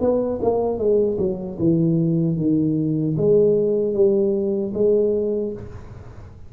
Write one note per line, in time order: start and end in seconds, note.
0.00 0.39 B3
0.42 0.78 A#3
0.78 1.17 G#3
1.18 1.58 F#3
1.59 2.37 E3
2.37 3.16 D#3
3.17 3.93 G#3
3.93 4.72 G3
4.74 5.53 G#3